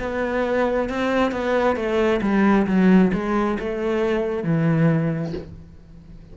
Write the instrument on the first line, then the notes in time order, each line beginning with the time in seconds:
cello
0.00 B3
0.90 C4
1.32 B3
1.76 A3
2.22 G3
2.67 F#3
3.14 G#3
3.60 A3
4.44 E3